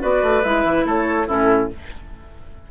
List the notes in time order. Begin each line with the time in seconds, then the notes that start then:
0.00 B3 F#4 B4 D5
0.22 A3
0.44 G#3 E4 E5
0.64 E3
0.84 A3 A4 C#5
1.26 A2 C#4 E4 A4